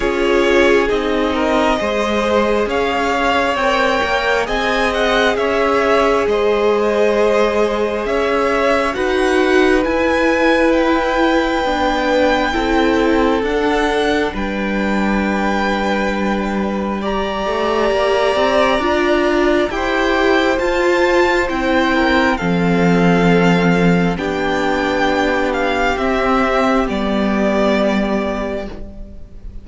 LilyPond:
<<
  \new Staff \with { instrumentName = "violin" } { \time 4/4 \tempo 4 = 67 cis''4 dis''2 f''4 | g''4 gis''8 fis''8 e''4 dis''4~ | dis''4 e''4 fis''4 gis''4 | g''2. fis''4 |
g''2. ais''4~ | ais''2 g''4 a''4 | g''4 f''2 g''4~ | g''8 f''8 e''4 d''2 | }
  \new Staff \with { instrumentName = "violin" } { \time 4/4 gis'4. ais'8 c''4 cis''4~ | cis''4 dis''4 cis''4 c''4~ | c''4 cis''4 b'2~ | b'2 a'2 |
b'2. d''4~ | d''2 c''2~ | c''8 ais'8 a'2 g'4~ | g'1 | }
  \new Staff \with { instrumentName = "viola" } { \time 4/4 f'4 dis'4 gis'2 | ais'4 gis'2.~ | gis'2 fis'4 e'4~ | e'4 d'4 e'4 d'4~ |
d'2. g'4~ | g'4 f'4 g'4 f'4 | e'4 c'2 d'4~ | d'4 c'4 b2 | }
  \new Staff \with { instrumentName = "cello" } { \time 4/4 cis'4 c'4 gis4 cis'4 | c'8 ais8 c'4 cis'4 gis4~ | gis4 cis'4 dis'4 e'4~ | e'4 b4 c'4 d'4 |
g2.~ g8 a8 | ais8 c'8 d'4 e'4 f'4 | c'4 f2 b4~ | b4 c'4 g2 | }
>>